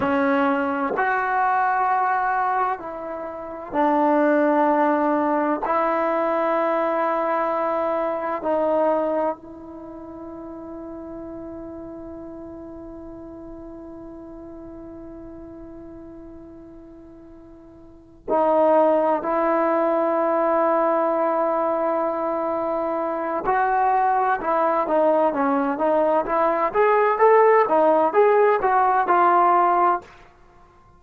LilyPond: \new Staff \with { instrumentName = "trombone" } { \time 4/4 \tempo 4 = 64 cis'4 fis'2 e'4 | d'2 e'2~ | e'4 dis'4 e'2~ | e'1~ |
e'2.~ e'8 dis'8~ | dis'8 e'2.~ e'8~ | e'4 fis'4 e'8 dis'8 cis'8 dis'8 | e'8 gis'8 a'8 dis'8 gis'8 fis'8 f'4 | }